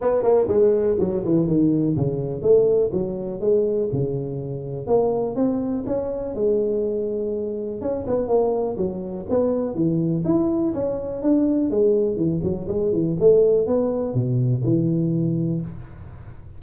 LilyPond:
\new Staff \with { instrumentName = "tuba" } { \time 4/4 \tempo 4 = 123 b8 ais8 gis4 fis8 e8 dis4 | cis4 a4 fis4 gis4 | cis2 ais4 c'4 | cis'4 gis2. |
cis'8 b8 ais4 fis4 b4 | e4 e'4 cis'4 d'4 | gis4 e8 fis8 gis8 e8 a4 | b4 b,4 e2 | }